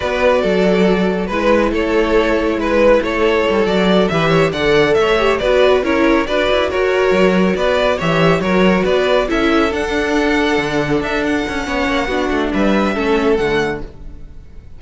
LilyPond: <<
  \new Staff \with { instrumentName = "violin" } { \time 4/4 \tempo 4 = 139 d''2. b'4 | cis''2 b'4 cis''4~ | cis''8 d''4 e''4 fis''4 e''8~ | e''8 d''4 cis''4 d''4 cis''8~ |
cis''4. d''4 e''4 cis''8~ | cis''8 d''4 e''4 fis''4.~ | fis''4. e''8 fis''2~ | fis''4 e''2 fis''4 | }
  \new Staff \with { instrumentName = "violin" } { \time 4/4 b'4 a'2 b'4 | a'2 b'4 a'4~ | a'4. b'8 cis''8 d''4 cis''8~ | cis''8 b'4 ais'4 b'4 ais'8~ |
ais'4. b'4 cis''4 ais'8~ | ais'8 b'4 a'2~ a'8~ | a'2. cis''4 | fis'4 b'4 a'2 | }
  \new Staff \with { instrumentName = "viola" } { \time 4/4 fis'2. e'4~ | e'1~ | e'8 fis'4 g'4 a'4. | g'8 fis'4 e'4 fis'4.~ |
fis'2~ fis'8 g'4 fis'8~ | fis'4. e'4 d'4.~ | d'2. cis'4 | d'2 cis'4 a4 | }
  \new Staff \with { instrumentName = "cello" } { \time 4/4 b4 fis2 gis4 | a2 gis4 a4 | g8 fis4 e4 d4 a8~ | a8 b4 cis'4 d'8 e'8 fis'8~ |
fis'8 fis4 b4 e4 fis8~ | fis8 b4 cis'4 d'4.~ | d'8 d4 d'4 cis'8 b8 ais8 | b8 a8 g4 a4 d4 | }
>>